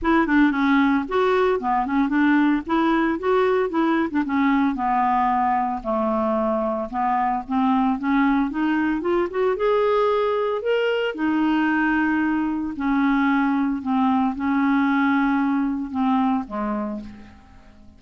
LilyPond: \new Staff \with { instrumentName = "clarinet" } { \time 4/4 \tempo 4 = 113 e'8 d'8 cis'4 fis'4 b8 cis'8 | d'4 e'4 fis'4 e'8. d'16 | cis'4 b2 a4~ | a4 b4 c'4 cis'4 |
dis'4 f'8 fis'8 gis'2 | ais'4 dis'2. | cis'2 c'4 cis'4~ | cis'2 c'4 gis4 | }